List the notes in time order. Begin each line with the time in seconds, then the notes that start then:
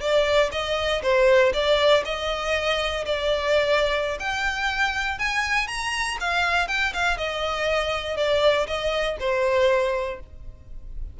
0.00 D5
0.52 D#5
1.02 C5
1.53 D5
2.05 D#5
3.05 D5
4.20 G5
5.19 G#5
5.67 A#5
6.20 F5
6.68 G5
6.93 F5
7.17 D#5
8.17 D5
8.67 D#5
9.20 C5